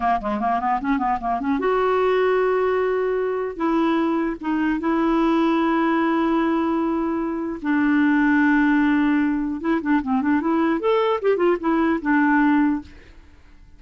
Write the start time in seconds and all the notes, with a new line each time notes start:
0.00 A#3
0.20 G#3
0.39 A#3
0.59 B3
0.80 C#4
0.98 B3
1.20 A#3
1.40 C#4
1.59 F#4
3.56 E4
4.41 D#4
4.79 E4
7.61 D4
9.60 E4
9.81 D4
10.02 C4
10.21 D4
10.41 E4
10.80 A4
11.21 G4
11.36 F4
11.60 E4
12.01 D4